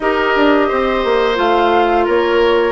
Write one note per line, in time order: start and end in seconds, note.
0.00 0.34 D#4
0.00 1.35 G4
0.00 0.68 A#4
0.00 1.37 D#5
0.35 0.70 D4
0.68 1.04 C4
0.68 2.05 C5
1.04 1.38 A#3
1.35 2.07 A3
1.35 2.72 F4
1.35 2.07 F5
2.05 2.72 A#3
2.05 2.72 A#4
2.05 2.72 C#5